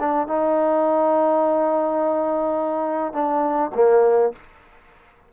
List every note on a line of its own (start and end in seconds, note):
0.00 0.28 D4
0.28 3.13 D#4
3.13 3.71 D4
3.75 4.33 A#3